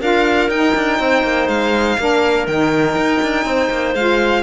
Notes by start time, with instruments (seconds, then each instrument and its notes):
0.00 cello D4, saxophone F4, clarinet A#4, violin F5
0.48 cello D#4, saxophone D#4, violin G5
0.74 cello D4
0.99 cello C4, clarinet C5
1.23 cello A#3
1.48 cello G#3, violin F5
1.98 cello A#3, saxophone D4, clarinet A#4
2.46 cello D#3, saxophone D#4, violin G5
2.96 cello D#4
3.22 cello D4
3.44 cello C4, clarinet C5
3.70 cello A#3
3.94 cello G#3, saxophone F4, violin F5